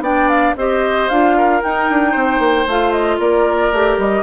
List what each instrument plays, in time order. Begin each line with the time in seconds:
0.00 bassoon B3, clarinet D4, oboe D5, flute G5
0.29 flute F5
0.56 bassoon C4, clarinet G4, oboe C5, flute D#5
1.09 bassoon D4, clarinet F4, flute F5
1.37 oboe A#4
1.61 clarinet D#4, bassoon D#4, flute G5
1.90 bassoon D4
2.11 bassoon C4, oboe C5
2.39 bassoon A#3
2.67 bassoon A3, clarinet F4, flute F5
2.92 flute D#5
3.19 bassoon A#3, oboe A#4, flute D5
3.72 bassoon A3, clarinet G4
3.98 bassoon G3, flute D#5